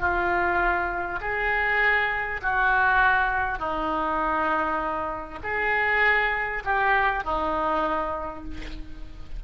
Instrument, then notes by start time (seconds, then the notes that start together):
oboe
0.00 F4
1.21 G#4
2.43 F#4
3.59 D#4
5.43 G#4
6.65 G4
7.24 D#4